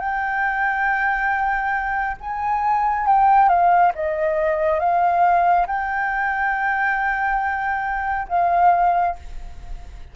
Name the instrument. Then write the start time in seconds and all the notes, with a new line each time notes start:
flute
0.00 G5
2.21 G#5
3.07 G5
3.49 F5
3.95 D#5
4.80 F5
5.67 G5
8.29 F5